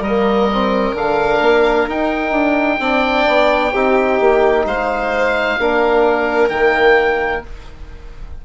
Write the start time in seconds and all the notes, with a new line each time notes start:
0.00 G3 A#3 A#4 D#5
0.51 C4
0.94 D3 D4 F5
1.41 A#3
1.87 D#4 G5
2.32 D4
2.79 C4 D4 D5
3.27 B3
3.72 C4 D#4 G4
4.20 A#3
4.66 G#3 C5 F5
5.59 A#3 D4 A#4
6.49 D#3 A#3 G5